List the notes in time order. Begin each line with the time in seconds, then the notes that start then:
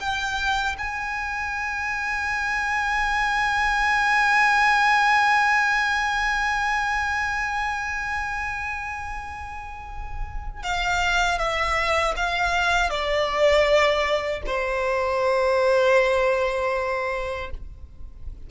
0.00 G5
0.78 G#5
10.63 F5
11.39 E5
12.17 F5
12.90 D5
14.46 C5